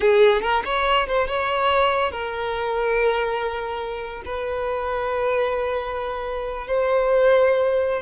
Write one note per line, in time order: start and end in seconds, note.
0.00 0.41 G#4
0.41 0.62 A#4
0.65 1.07 C#5
1.07 1.27 C5
1.27 2.11 C#5
2.11 4.22 A#4
4.25 6.67 B4
6.67 8.02 C5